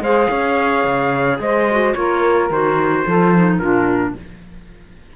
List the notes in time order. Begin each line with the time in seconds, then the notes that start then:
0.00 G#3 G#4 C5 F5
0.29 C#4 C#5
0.85 C#3
1.40 G#3 C5 D#5
1.71 F#4
1.94 A#3 F4 A#4 C#5
2.50 D#3 F#4 C5
3.05 F3 F4 A4
3.35 D#4
3.59 A#2 D4 F4 A#4